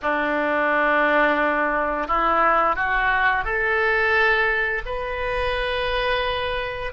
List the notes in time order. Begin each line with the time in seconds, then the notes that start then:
0.02 D4
2.07 E4
2.75 F#4
3.44 A4
4.85 B4